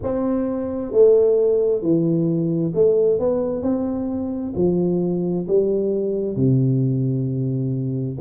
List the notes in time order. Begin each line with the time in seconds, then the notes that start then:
0.02 C4
0.91 A3
1.81 E3
2.74 A3
3.19 B3
3.62 C4
4.55 F3
5.48 G3
6.36 C3